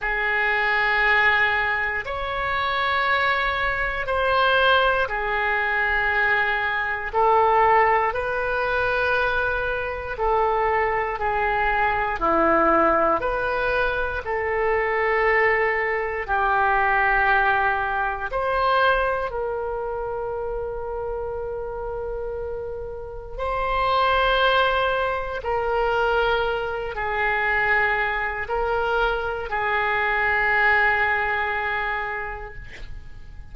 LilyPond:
\new Staff \with { instrumentName = "oboe" } { \time 4/4 \tempo 4 = 59 gis'2 cis''2 | c''4 gis'2 a'4 | b'2 a'4 gis'4 | e'4 b'4 a'2 |
g'2 c''4 ais'4~ | ais'2. c''4~ | c''4 ais'4. gis'4. | ais'4 gis'2. | }